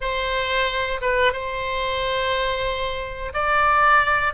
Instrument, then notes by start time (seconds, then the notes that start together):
oboe
0.00 C5
1.01 B4
1.32 C5
3.33 D5